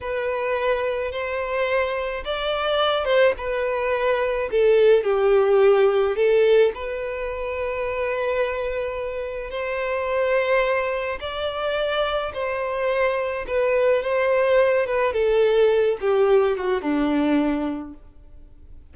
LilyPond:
\new Staff \with { instrumentName = "violin" } { \time 4/4 \tempo 4 = 107 b'2 c''2 | d''4. c''8 b'2 | a'4 g'2 a'4 | b'1~ |
b'4 c''2. | d''2 c''2 | b'4 c''4. b'8 a'4~ | a'8 g'4 fis'8 d'2 | }